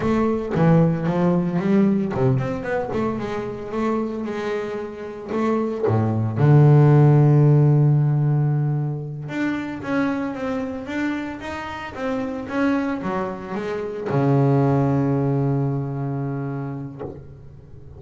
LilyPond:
\new Staff \with { instrumentName = "double bass" } { \time 4/4 \tempo 4 = 113 a4 e4 f4 g4 | c8 c'8 b8 a8 gis4 a4 | gis2 a4 a,4 | d1~ |
d4. d'4 cis'4 c'8~ | c'8 d'4 dis'4 c'4 cis'8~ | cis'8 fis4 gis4 cis4.~ | cis1 | }